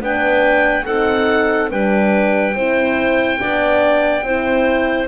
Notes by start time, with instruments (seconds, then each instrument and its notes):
0.00 double bass B3, horn D4, clarinet B4, oboe G5
0.85 double bass C4, horn D#4, clarinet A4, oboe F#5
1.70 double bass G3, horn D4, clarinet B4, oboe G5
2.54 double bass C4, horn E4, clarinet C5
3.38 double bass B3, horn D4, clarinet D5
4.23 double bass C4, horn E4, clarinet C5